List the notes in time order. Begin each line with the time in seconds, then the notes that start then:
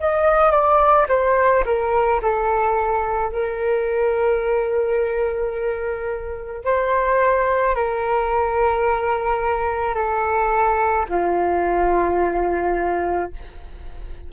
0.00 D#5
0.51 D5
1.08 C5
1.65 A#4
2.22 A4
3.32 A#4
6.64 C5
7.75 A#4
9.94 A4
11.09 F4